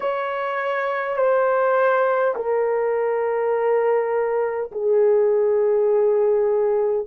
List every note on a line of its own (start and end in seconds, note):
0.00 1.16 C#5
1.16 2.34 C5
2.35 4.71 A#4
4.71 7.06 G#4